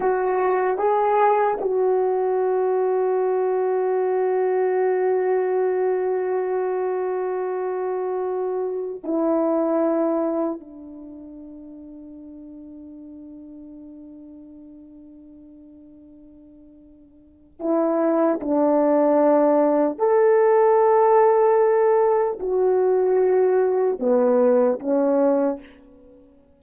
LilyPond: \new Staff \with { instrumentName = "horn" } { \time 4/4 \tempo 4 = 75 fis'4 gis'4 fis'2~ | fis'1~ | fis'2.~ fis'16 e'8.~ | e'4~ e'16 d'2~ d'8.~ |
d'1~ | d'2 e'4 d'4~ | d'4 a'2. | fis'2 b4 cis'4 | }